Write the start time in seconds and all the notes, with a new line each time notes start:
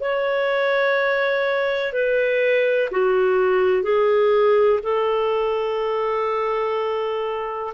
0.00 C#5
1.92 B4
2.91 F#4
3.83 G#4
4.83 A4